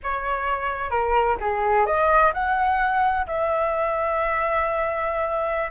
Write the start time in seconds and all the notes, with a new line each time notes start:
0.03 C#5
0.90 A#4
1.40 G#4
1.86 D#5
2.33 F#5
3.26 E5